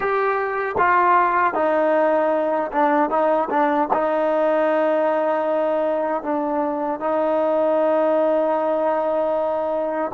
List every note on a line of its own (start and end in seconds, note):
0.00 0.75 G4
0.78 1.54 F4
1.54 2.71 D#4
2.72 3.10 D4
3.10 3.49 D#4
3.50 3.89 D4
3.93 6.22 D#4
6.22 7.00 D4
7.00 10.11 D#4